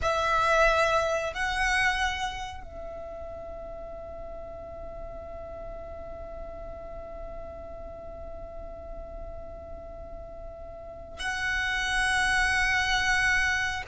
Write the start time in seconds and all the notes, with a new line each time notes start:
0.01 E5
1.33 F#5
2.63 E5
11.19 F#5